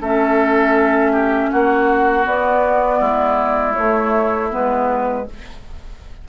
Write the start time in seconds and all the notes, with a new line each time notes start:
0.00 A3 C#4 A4 E5
1.12 G4
1.50 A#3 F#4 F#5
2.23 B3 D5
2.99 G#3 E4
3.74 A3 C#5
4.50 G#3 B3 B4